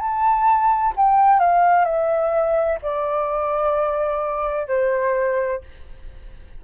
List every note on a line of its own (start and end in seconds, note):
0.00 0.94 A5
0.97 1.40 G5
1.40 1.85 F5
1.85 2.79 E5
2.82 4.67 D5
4.67 5.61 C5